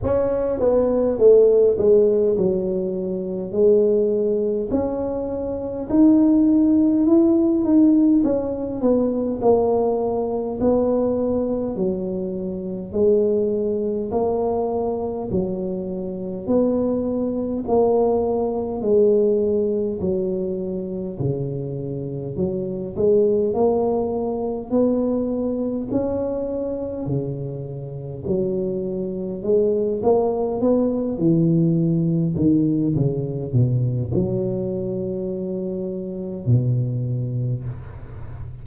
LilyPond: \new Staff \with { instrumentName = "tuba" } { \time 4/4 \tempo 4 = 51 cis'8 b8 a8 gis8 fis4 gis4 | cis'4 dis'4 e'8 dis'8 cis'8 b8 | ais4 b4 fis4 gis4 | ais4 fis4 b4 ais4 |
gis4 fis4 cis4 fis8 gis8 | ais4 b4 cis'4 cis4 | fis4 gis8 ais8 b8 e4 dis8 | cis8 b,8 fis2 b,4 | }